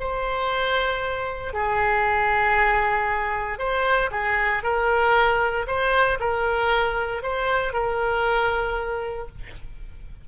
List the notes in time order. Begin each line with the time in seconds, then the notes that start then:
0.00 C5
1.54 G#4
3.59 C5
4.11 G#4
4.63 A#4
5.67 C5
6.20 A#4
7.23 C5
7.73 A#4